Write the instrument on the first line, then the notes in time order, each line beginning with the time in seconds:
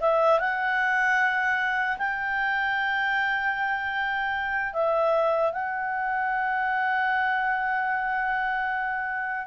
clarinet
0.00 E5
0.39 F#5
1.98 G5
4.73 E5
5.52 F#5